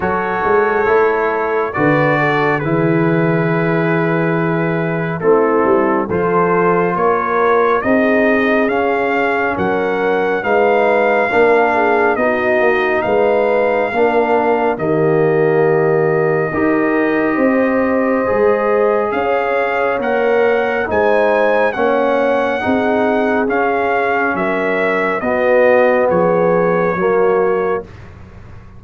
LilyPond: <<
  \new Staff \with { instrumentName = "trumpet" } { \time 4/4 \tempo 4 = 69 cis''2 d''4 b'4~ | b'2 a'4 c''4 | cis''4 dis''4 f''4 fis''4 | f''2 dis''4 f''4~ |
f''4 dis''2.~ | dis''2 f''4 fis''4 | gis''4 fis''2 f''4 | e''4 dis''4 cis''2 | }
  \new Staff \with { instrumentName = "horn" } { \time 4/4 a'2 b'8 a'8 gis'4~ | gis'2 e'4 a'4 | ais'4 gis'2 ais'4 | b'4 ais'8 gis'8 fis'4 b'4 |
ais'4 g'2 ais'4 | c''2 cis''2 | c''4 cis''4 gis'2 | ais'4 fis'4 gis'4 fis'4 | }
  \new Staff \with { instrumentName = "trombone" } { \time 4/4 fis'4 e'4 fis'4 e'4~ | e'2 c'4 f'4~ | f'4 dis'4 cis'2 | dis'4 d'4 dis'2 |
d'4 ais2 g'4~ | g'4 gis'2 ais'4 | dis'4 cis'4 dis'4 cis'4~ | cis'4 b2 ais4 | }
  \new Staff \with { instrumentName = "tuba" } { \time 4/4 fis8 gis8 a4 d4 e4~ | e2 a8 g8 f4 | ais4 c'4 cis'4 fis4 | gis4 ais4 b8 ais8 gis4 |
ais4 dis2 dis'4 | c'4 gis4 cis'4 ais4 | gis4 ais4 c'4 cis'4 | fis4 b4 f4 fis4 | }
>>